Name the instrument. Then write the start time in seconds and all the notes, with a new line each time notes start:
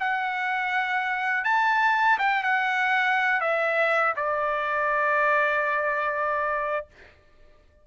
trumpet
0.00 F#5
1.44 A5
2.19 G5
2.44 F#5
3.41 E5
4.16 D5